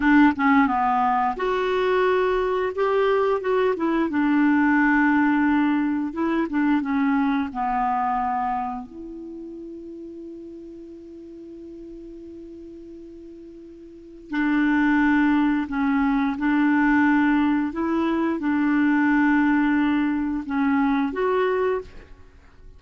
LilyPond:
\new Staff \with { instrumentName = "clarinet" } { \time 4/4 \tempo 4 = 88 d'8 cis'8 b4 fis'2 | g'4 fis'8 e'8 d'2~ | d'4 e'8 d'8 cis'4 b4~ | b4 e'2.~ |
e'1~ | e'4 d'2 cis'4 | d'2 e'4 d'4~ | d'2 cis'4 fis'4 | }